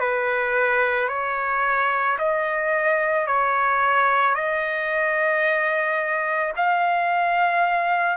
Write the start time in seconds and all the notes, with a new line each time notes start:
0.00 B4
1.09 C#5
2.19 D#5
3.27 C#5
4.35 D#5
6.57 F5